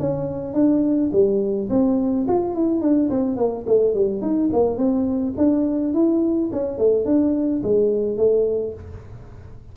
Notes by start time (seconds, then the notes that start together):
0.00 C#4
0.54 D4
1.13 G3
1.70 C4
2.28 F4
2.55 E4
2.82 D4
3.10 C4
3.37 A#3
3.67 A3
3.94 G3
4.22 D#4
4.53 A#3
4.78 C4
5.38 D4
5.94 E4
6.53 C#4
6.78 A3
7.06 D4
7.64 G#3
8.17 A3